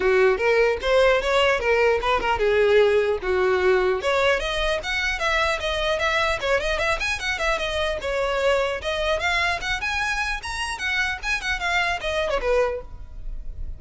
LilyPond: \new Staff \with { instrumentName = "violin" } { \time 4/4 \tempo 4 = 150 fis'4 ais'4 c''4 cis''4 | ais'4 b'8 ais'8 gis'2 | fis'2 cis''4 dis''4 | fis''4 e''4 dis''4 e''4 |
cis''8 dis''8 e''8 gis''8 fis''8 e''8 dis''4 | cis''2 dis''4 f''4 | fis''8 gis''4. ais''4 fis''4 | gis''8 fis''8 f''4 dis''8. cis''16 b'4 | }